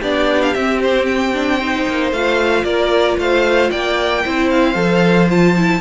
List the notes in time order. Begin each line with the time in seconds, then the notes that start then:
0.00 B3 D4 G4 D5
0.43 F5
0.53 C4 E5
0.83 C5
1.06 G5
1.34 D4
1.59 D#4 C5
1.88 A#3
2.12 A3 F4 F5
2.64 A#3 A#4 D5
3.18 A3 C5 F5
3.71 A#3 D5 G5
4.24 C4 E4 C5
4.50 F5
4.75 F3 A4
5.29 F4 A5
5.56 E4